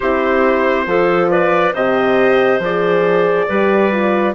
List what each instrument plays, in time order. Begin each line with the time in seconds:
0.00 bassoon C4, horn E4, clarinet G4, trumpet C5
0.86 bassoon F3, horn F4, clarinet A4
1.30 clarinet B4, trumpet D5
1.73 bassoon C3, horn G4, clarinet C5, trumpet D#5
2.58 bassoon F3, horn G#4, trumpet D5
3.48 bassoon G3, horn G4, clarinet B4
3.91 horn F4